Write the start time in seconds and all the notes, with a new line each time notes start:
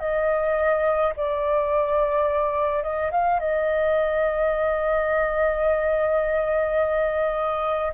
0.00 D#5
1.17 D5
2.83 D#5
3.12 F5
3.40 D#5